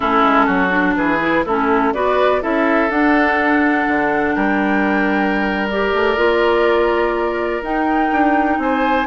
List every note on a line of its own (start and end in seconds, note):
0.00 0.23 A3
0.00 0.69 C#4
0.00 0.46 E4
0.00 0.94 A4
0.23 0.47 G#3
0.46 0.96 F#3
0.46 0.94 F#4
0.69 1.18 D4
0.95 1.45 E3
0.95 1.45 G#4
0.95 1.44 B4
1.20 1.45 E4
1.45 1.93 A3
1.45 1.94 C#4
1.45 1.93 E4
1.45 1.93 A4
1.93 2.42 B3
1.93 2.41 F#4
1.93 2.41 B4
1.93 2.41 D5
2.41 2.89 C#4
2.41 2.89 E4
2.41 4.35 A4
2.41 2.90 E5
2.89 3.86 D4
2.89 5.68 D4
2.89 4.35 F#5
3.87 4.35 D3
4.35 5.93 G3
4.35 8.58 A#4
4.35 5.68 G5
5.69 6.17 G4
5.69 7.63 D5
5.93 6.17 A3
6.17 7.62 A#3
6.17 7.62 F4
7.62 8.10 D#4
7.62 9.06 D#4
7.62 8.59 G5
8.12 8.57 D4
8.57 9.06 C4
8.57 9.06 C5
8.57 9.06 G#5